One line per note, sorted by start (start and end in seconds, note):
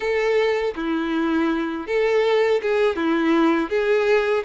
0.00 0.74 A4
0.75 1.86 E4
1.87 2.61 A4
2.62 2.96 G#4
2.96 3.69 E4
3.69 4.43 G#4